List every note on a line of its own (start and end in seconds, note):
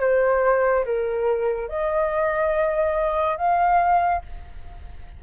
0.00 0.85 C5
0.85 1.69 A#4
1.69 3.37 D#5
3.37 4.22 F5